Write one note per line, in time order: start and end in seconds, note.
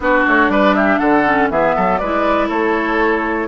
0.00 0.25 B3
0.00 1.25 D4
0.00 0.51 F#4
0.00 0.26 B4
0.27 0.48 A3
0.27 0.50 C#5
0.48 0.98 G3
0.48 0.76 B4
0.48 0.74 D5
0.74 0.99 G4
0.74 0.98 E5
0.98 1.50 D3
0.98 1.49 A4
0.98 1.48 F#5
1.25 1.50 C#4
1.50 1.75 E3
1.50 2.01 B3
1.50 1.75 G#4
1.50 1.97 E5
1.75 2.01 F#3
1.75 1.99 A4
1.97 2.49 G#3
1.97 3.48 E4
1.97 2.48 B4
1.97 2.48 D5
2.48 3.48 A3
2.48 3.48 A4
2.48 3.48 C#5